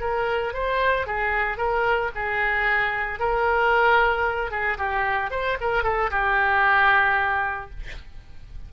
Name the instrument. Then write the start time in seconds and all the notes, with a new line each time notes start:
oboe
0.00 A#4
0.53 C5
1.06 G#4
1.57 A#4
2.15 G#4
3.19 A#4
4.50 G#4
4.78 G4
5.30 C5
5.60 A#4
5.83 A4
6.10 G4